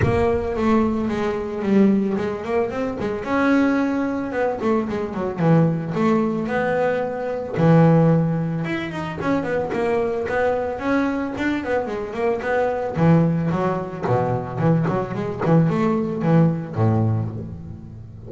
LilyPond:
\new Staff \with { instrumentName = "double bass" } { \time 4/4 \tempo 4 = 111 ais4 a4 gis4 g4 | gis8 ais8 c'8 gis8 cis'2 | b8 a8 gis8 fis8 e4 a4 | b2 e2 |
e'8 dis'8 cis'8 b8 ais4 b4 | cis'4 d'8 b8 gis8 ais8 b4 | e4 fis4 b,4 e8 fis8 | gis8 e8 a4 e4 a,4 | }